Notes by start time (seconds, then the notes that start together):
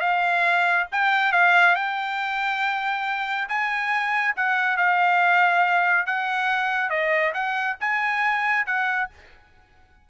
0.00 F5
0.92 G5
1.32 F5
1.76 G5
3.48 G#5
4.36 F#5
4.77 F5
6.06 F#5
6.90 D#5
7.34 F#5
7.80 G#5
8.66 F#5